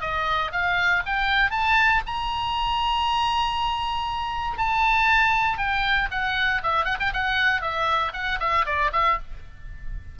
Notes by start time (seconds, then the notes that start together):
0.00 D#5
0.52 F5
1.05 G5
1.50 A5
2.06 A#5
4.57 A5
5.57 G5
6.11 F#5
6.63 E5
6.85 F#5
6.99 G5
7.13 F#5
7.61 E5
8.13 F#5
8.40 E5
8.65 D5
8.92 E5